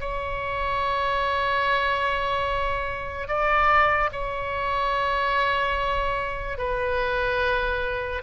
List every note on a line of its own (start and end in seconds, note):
0.00 3.28 C#5
3.28 4.10 D5
4.12 6.58 C#5
6.58 8.22 B4